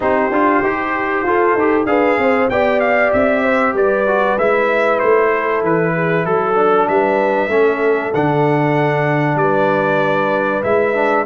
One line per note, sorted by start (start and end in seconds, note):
0.00 0.30 C4
0.00 0.31 D#4
0.00 1.25 G4
0.00 1.86 C5
0.30 0.62 D4
0.30 0.63 F4
0.62 1.23 D#4
0.62 1.26 G4
1.23 1.54 F4
1.23 1.58 F4
1.23 1.88 A4
1.54 1.85 D#4
1.54 1.86 G4
1.85 2.17 D4
1.85 2.49 G#4
1.85 2.19 B4
1.85 2.48 F5
2.17 2.49 C4
2.17 2.52 C5
2.49 3.12 B3
2.49 4.06 G4
2.49 3.43 D5
2.49 2.80 G5
2.80 3.11 F5
3.12 3.73 C4
3.12 3.75 E5
3.43 3.74 C5
3.73 4.36 G3
3.73 5.31 B4
3.73 4.38 D5
4.06 4.38 F#4
4.37 5.00 G#3
4.37 6.55 E4
4.37 4.99 E5
4.99 5.62 A3
4.99 5.61 C5
5.31 5.93 A4
5.62 6.25 E3
5.62 6.25 B4
5.94 6.24 G#4
6.24 6.87 F#3
6.24 6.86 A4
6.24 6.88 A4
6.55 7.49 D4
6.88 7.48 G3
6.88 7.52 B4
6.88 8.12 E5
7.48 8.10 A3
7.48 8.13 C#4
7.48 9.38 A4
8.14 9.35 D3
8.14 10.63 D4
8.14 9.37 F#5
9.35 10.60 G3
9.35 11.26 B4
9.35 10.62 D5
10.63 11.26 G#3
10.63 10.94 E4
10.63 11.25 E5
10.94 11.26 D4